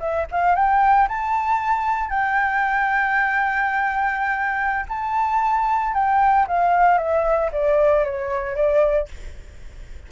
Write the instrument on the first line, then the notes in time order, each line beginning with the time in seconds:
flute
0.00 E5
0.32 F5
0.56 G5
1.09 A5
2.10 G5
4.89 A5
5.94 G5
6.48 F5
6.98 E5
7.53 D5
8.05 C#5
8.56 D5